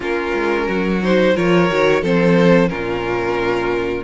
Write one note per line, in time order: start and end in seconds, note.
0.00 0.32 A#3
0.00 1.01 C#4
0.00 0.66 F4
0.00 1.03 A#4
0.33 0.67 G#3
0.66 1.35 F#3
0.66 1.34 F#4
1.03 1.36 D#4
1.03 1.36 C5
1.35 1.69 F3
1.35 1.69 F4
1.35 2.01 A#4
1.35 2.04 C#5
1.69 2.02 D#3
1.69 2.02 F#4
2.01 2.70 F3
2.01 2.69 C4
2.01 2.69 A4
2.01 2.69 C5
2.69 4.04 A#2
2.69 4.04 C#4
2.69 4.04 F4
2.69 4.03 A#4